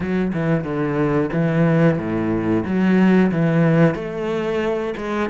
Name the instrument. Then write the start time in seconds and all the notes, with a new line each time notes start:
cello
0.00 F#3
0.33 E3
0.64 D3
1.32 E3
1.98 A2
2.65 F#3
3.31 E3
3.94 A3
4.97 G#3